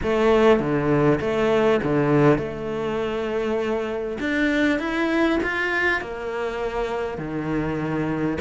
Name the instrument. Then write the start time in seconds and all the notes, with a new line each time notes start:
cello
0.02 A3
0.59 D3
1.20 A3
1.83 D3
2.38 A3
4.19 D4
4.79 E4
5.43 F4
6.01 A#3
7.18 D#3